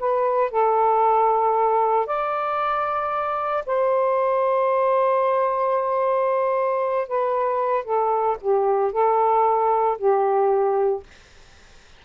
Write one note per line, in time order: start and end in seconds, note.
0.00 0.51 B4
0.51 2.07 A4
2.07 3.65 D5
3.66 7.08 C5
7.08 7.85 B4
7.85 8.37 A4
8.41 8.92 G4
8.92 9.98 A4
9.98 11.04 G4